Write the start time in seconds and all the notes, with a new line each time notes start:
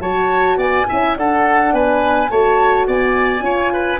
0.00 F#3 F#4 C#5 A5
0.57 B3 D5 G#5
0.88 C#4 E4 E5
1.16 D4 A4 F#5
1.73 B3 B4 G#5
2.29 A3 F#4 C#5 A5
2.87 B3 D5 G#5
3.40 C#4 F4 C#5
3.73 B4